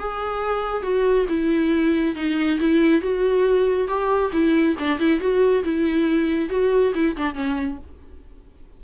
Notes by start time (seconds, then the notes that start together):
0.00 G#4
0.83 F#4
1.29 E4
2.16 D#4
2.60 E4
3.02 F#4
3.88 G4
4.33 E4
4.80 D4
5.00 E4
5.21 F#4
5.64 E4
6.50 F#4
6.95 E4
7.17 D4
7.35 C#4